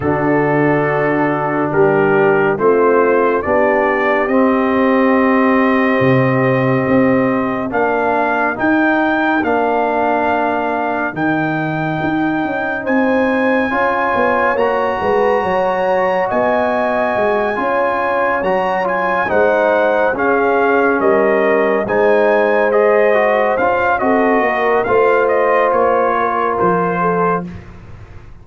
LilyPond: <<
  \new Staff \with { instrumentName = "trumpet" } { \time 4/4 \tempo 4 = 70 a'2 ais'4 c''4 | d''4 dis''2.~ | dis''4 f''4 g''4 f''4~ | f''4 g''2 gis''4~ |
gis''4 ais''2 gis''4~ | gis''4. ais''8 gis''8 fis''4 f''8~ | f''8 dis''4 gis''4 dis''4 f''8 | dis''4 f''8 dis''8 cis''4 c''4 | }
  \new Staff \with { instrumentName = "horn" } { \time 4/4 fis'2 g'4 f'4 | g'1~ | g'4 ais'2.~ | ais'2. c''4 |
cis''4. b'8 cis''4 dis''4~ | dis''8 cis''2 c''4 gis'8~ | gis'8 ais'4 c''2~ c''8 | a'8 ais'8 c''4. ais'4 a'8 | }
  \new Staff \with { instrumentName = "trombone" } { \time 4/4 d'2. c'4 | d'4 c'2.~ | c'4 d'4 dis'4 d'4~ | d'4 dis'2. |
f'4 fis'2.~ | fis'8 f'4 fis'8 f'8 dis'4 cis'8~ | cis'4. dis'4 gis'8 fis'8 f'8 | fis'4 f'2. | }
  \new Staff \with { instrumentName = "tuba" } { \time 4/4 d2 g4 a4 | b4 c'2 c4 | c'4 ais4 dis'4 ais4~ | ais4 dis4 dis'8 cis'8 c'4 |
cis'8 b8 ais8 gis8 fis4 b4 | gis8 cis'4 fis4 gis4 cis'8~ | cis'8 g4 gis2 cis'8 | c'8 ais8 a4 ais4 f4 | }
>>